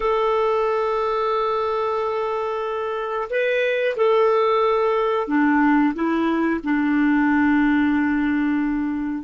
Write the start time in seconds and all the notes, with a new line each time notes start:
0.00 A4
3.30 B4
3.96 A4
5.27 D4
5.94 E4
6.63 D4